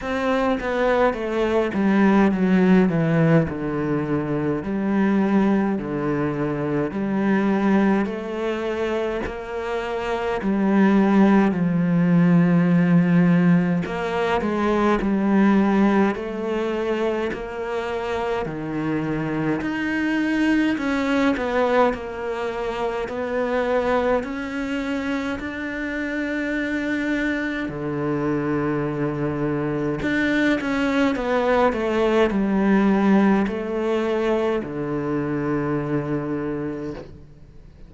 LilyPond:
\new Staff \with { instrumentName = "cello" } { \time 4/4 \tempo 4 = 52 c'8 b8 a8 g8 fis8 e8 d4 | g4 d4 g4 a4 | ais4 g4 f2 | ais8 gis8 g4 a4 ais4 |
dis4 dis'4 cis'8 b8 ais4 | b4 cis'4 d'2 | d2 d'8 cis'8 b8 a8 | g4 a4 d2 | }